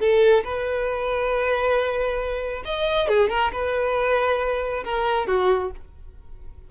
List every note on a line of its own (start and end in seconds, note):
0.00 0.44 A4
0.44 2.63 B4
2.65 3.08 D#5
3.08 3.29 G#4
3.29 3.51 A#4
3.52 4.84 B4
4.84 5.27 A#4
5.27 5.71 F#4